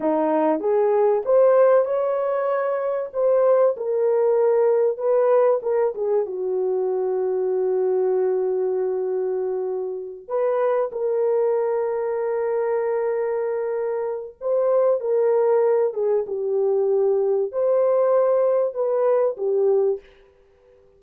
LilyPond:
\new Staff \with { instrumentName = "horn" } { \time 4/4 \tempo 4 = 96 dis'4 gis'4 c''4 cis''4~ | cis''4 c''4 ais'2 | b'4 ais'8 gis'8 fis'2~ | fis'1~ |
fis'8 b'4 ais'2~ ais'8~ | ais'2. c''4 | ais'4. gis'8 g'2 | c''2 b'4 g'4 | }